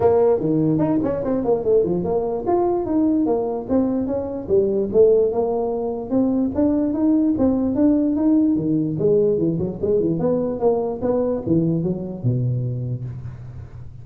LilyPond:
\new Staff \with { instrumentName = "tuba" } { \time 4/4 \tempo 4 = 147 ais4 dis4 dis'8 cis'8 c'8 ais8 | a8 f8 ais4 f'4 dis'4 | ais4 c'4 cis'4 g4 | a4 ais2 c'4 |
d'4 dis'4 c'4 d'4 | dis'4 dis4 gis4 e8 fis8 | gis8 e8 b4 ais4 b4 | e4 fis4 b,2 | }